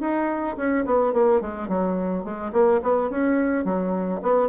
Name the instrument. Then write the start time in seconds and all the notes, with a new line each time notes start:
bassoon
0.00 D#4
0.56 C#4
0.85 B3
1.13 A#3
1.41 G#3
1.68 F#3
2.24 G#3
2.52 A#3
2.82 B3
3.09 C#4
3.64 F#3
4.22 B3